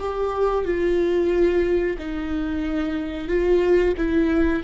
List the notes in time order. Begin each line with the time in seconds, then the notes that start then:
0.00 G4
0.65 F4
1.99 D#4
3.28 F4
3.97 E4